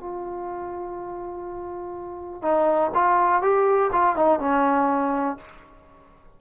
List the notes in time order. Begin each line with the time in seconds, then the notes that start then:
0.00 F4
2.42 D#4
2.95 F4
3.43 G4
3.93 F4
4.16 D#4
4.40 C#4